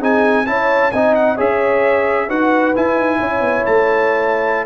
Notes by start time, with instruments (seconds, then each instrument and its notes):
0.00 tuba C4, trombone D#4, horn G#4, trumpet G#5
0.47 tuba C#4, trombone E4, horn C#5, trumpet A5
0.92 tuba C4, trombone D#4, horn D#5, trumpet G#5
1.15 trumpet F#5
1.36 tuba C#4, trombone G#4, horn C#5, trumpet E5
2.28 tuba D#4, trombone F#4, horn B4, trumpet F#5
2.75 trombone E4, tuba E4, trumpet G#5
2.96 tuba D#4
3.20 tuba C#4, horn C#5
3.41 tuba B3
3.66 tuba A3, trumpet A5